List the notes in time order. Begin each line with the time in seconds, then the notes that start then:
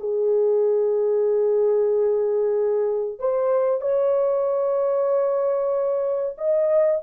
0.00 G#4
3.19 C5
3.81 C#5
6.38 D#5